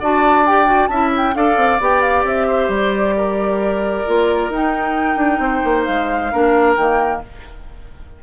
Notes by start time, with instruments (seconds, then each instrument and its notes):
0.00 bassoon D4, clarinet F#4, oboe D5, flute A5
0.46 clarinet G4, flute G5
0.66 clarinet F#4
0.87 bassoon C#4, clarinet E4, oboe E5, flute A5
1.17 flute G5
1.34 bassoon D4, clarinet A4, oboe D5, flute F5
1.56 bassoon C4
1.80 bassoon B3, clarinet G4, flute G5
2.01 flute F5
2.24 bassoon C4, flute E5
2.47 oboe C5
2.68 bassoon G3, flute D5
3.17 oboe A#4
4.06 bassoon A#3, clarinet F4
4.49 bassoon D#4, clarinet D#4, flute G5
5.16 bassoon D4
5.39 bassoon C4, oboe C5
5.64 bassoon A#3
5.84 bassoon G#3, flute F5
6.32 bassoon A#3, clarinet D4, oboe A#4
6.76 bassoon D#3, clarinet A#3, flute G5